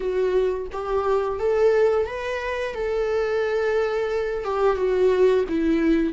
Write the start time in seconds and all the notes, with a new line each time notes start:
0.00 F#4
0.72 G4
1.39 A4
2.06 B4
2.74 A4
4.44 G4
4.76 F#4
5.49 E4